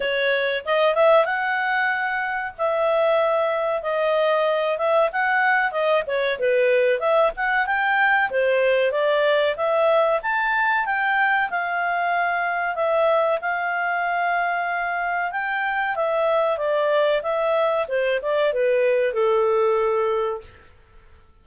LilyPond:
\new Staff \with { instrumentName = "clarinet" } { \time 4/4 \tempo 4 = 94 cis''4 dis''8 e''8 fis''2 | e''2 dis''4. e''8 | fis''4 dis''8 cis''8 b'4 e''8 fis''8 | g''4 c''4 d''4 e''4 |
a''4 g''4 f''2 | e''4 f''2. | g''4 e''4 d''4 e''4 | c''8 d''8 b'4 a'2 | }